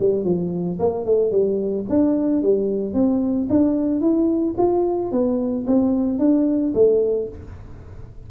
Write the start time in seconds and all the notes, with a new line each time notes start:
0.00 G3
0.25 F3
0.79 A#3
1.05 A3
1.32 G3
1.89 D4
2.43 G3
2.94 C4
3.50 D4
4.01 E4
4.58 F4
5.12 B3
5.67 C4
6.19 D4
6.75 A3